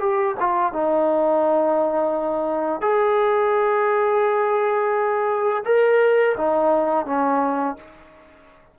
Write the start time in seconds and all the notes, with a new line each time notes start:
0.00 G4
0.40 F4
0.73 D#4
2.81 G#4
5.65 A#4
6.38 D#4
7.06 C#4